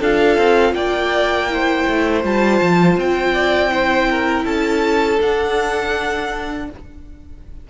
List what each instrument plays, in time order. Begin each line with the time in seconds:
0.00 cello D4, viola F4, violin A4 F5
0.37 cello C4
0.73 cello A#3, violin D5 G5
1.49 viola E4, violin C5
1.88 cello A3
2.23 cello G3, viola F4, violin A5
2.61 cello F3
2.96 cello C4, violin G5
3.33 violin D5
3.70 viola E4, violin C5
4.10 violin A#4
4.45 cello C#4, violin A4 A5
5.19 viola D4, cello D4, violin F#5